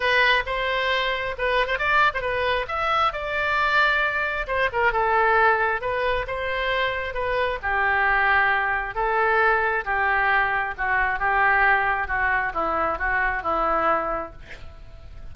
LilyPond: \new Staff \with { instrumentName = "oboe" } { \time 4/4 \tempo 4 = 134 b'4 c''2 b'8. c''16 | d''8. c''16 b'4 e''4 d''4~ | d''2 c''8 ais'8 a'4~ | a'4 b'4 c''2 |
b'4 g'2. | a'2 g'2 | fis'4 g'2 fis'4 | e'4 fis'4 e'2 | }